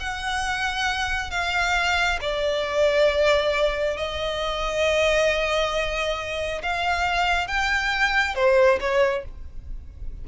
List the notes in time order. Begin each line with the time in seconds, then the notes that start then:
0.00 F#5
1.31 F5
2.21 D5
3.97 D#5
6.63 F5
7.48 G5
8.35 C5
8.81 C#5